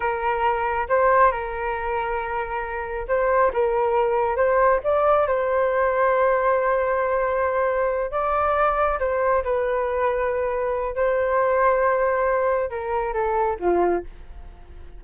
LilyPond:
\new Staff \with { instrumentName = "flute" } { \time 4/4 \tempo 4 = 137 ais'2 c''4 ais'4~ | ais'2. c''4 | ais'2 c''4 d''4 | c''1~ |
c''2~ c''8 d''4.~ | d''8 c''4 b'2~ b'8~ | b'4 c''2.~ | c''4 ais'4 a'4 f'4 | }